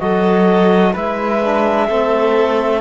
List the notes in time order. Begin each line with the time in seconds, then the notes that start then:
0.00 F#3 F#4 A4 D#5
0.93 G#3 E4 B4 E5
1.43 D4
1.89 A3 C4 A4